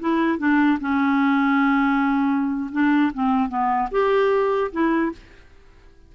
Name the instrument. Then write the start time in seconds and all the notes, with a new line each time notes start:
clarinet
0.00 E4
0.38 D4
0.80 C#4
2.72 D4
3.13 C4
3.49 B3
3.91 G4
4.72 E4